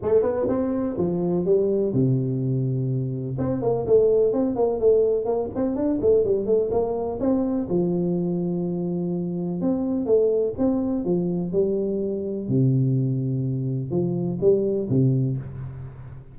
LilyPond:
\new Staff \with { instrumentName = "tuba" } { \time 4/4 \tempo 4 = 125 a8 b8 c'4 f4 g4 | c2. c'8 ais8 | a4 c'8 ais8 a4 ais8 c'8 | d'8 a8 g8 a8 ais4 c'4 |
f1 | c'4 a4 c'4 f4 | g2 c2~ | c4 f4 g4 c4 | }